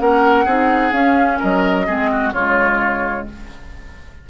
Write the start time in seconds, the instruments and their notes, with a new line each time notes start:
0.00 bassoon A#3, clarinet C#4, oboe A#4, flute F#5
0.45 bassoon C4, clarinet D#4, oboe G#4
0.92 bassoon C#4, clarinet C#4, flute F5
1.40 bassoon F#3, oboe A#4, flute D#5
1.86 bassoon G#3, clarinet C4, oboe G#4
2.12 oboe F#4
2.33 bassoon C#3, clarinet G#3, oboe F4, flute C#5